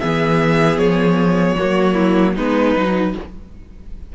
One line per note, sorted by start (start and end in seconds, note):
0.00 0.78 E3
0.00 1.58 B3
0.00 1.56 G#4
0.00 0.78 E5
0.78 1.56 F3
0.78 2.34 C#5
1.58 2.36 F#3
1.58 2.36 A#3
1.58 1.94 F#4
1.94 2.33 E4
2.35 2.75 G#3
2.35 2.75 B3
2.35 3.12 D#4
2.35 3.15 B4
2.75 3.15 F#3
2.75 3.14 D#4